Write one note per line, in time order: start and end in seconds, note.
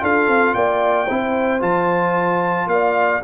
0.00 0.28 D4
0.00 1.07 F4
0.00 0.55 A4
0.00 0.54 F5
0.28 0.55 C4
0.54 1.09 A#3
0.54 1.06 D5
0.54 1.61 G5
1.06 1.62 C4
1.06 1.60 E4
1.06 2.67 C5
1.60 2.67 F3
1.60 3.21 F4
1.60 2.69 A5
2.67 3.21 A#3
2.67 3.24 D5
2.67 3.22 F5